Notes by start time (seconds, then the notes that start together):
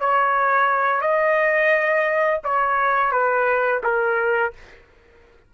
0.00 C#5
1.01 D#5
2.44 C#5
3.12 B4
3.83 A#4